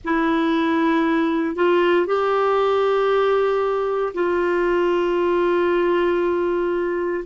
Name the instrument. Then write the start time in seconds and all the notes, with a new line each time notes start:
clarinet
0.04 E4
1.55 F4
2.06 G4
4.14 F4